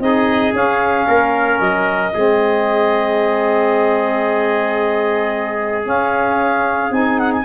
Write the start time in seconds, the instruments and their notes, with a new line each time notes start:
0.00 tuba C4, saxophone D#4, trumpet G#4, clarinet D#5
0.53 saxophone C#4, tuba C#4, clarinet F5
1.07 tuba A#3, trumpet A#4
1.60 tuba F#3, clarinet D#5
2.14 tuba G#3, saxophone C4, trumpet G#4
5.84 saxophone C#4, tuba C#4, clarinet F5
6.91 tuba C4, saxophone D#4, clarinet G#5
7.19 clarinet F#5
7.33 clarinet G#5